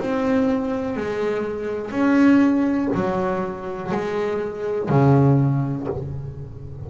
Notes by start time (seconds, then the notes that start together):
0.00 C4
0.97 G#3
1.91 C#4
2.94 F#3
3.92 G#3
4.90 C#3